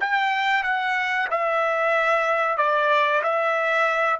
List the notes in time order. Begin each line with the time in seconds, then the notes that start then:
0.00 G5
0.63 F#5
1.30 E5
2.57 D5
3.23 E5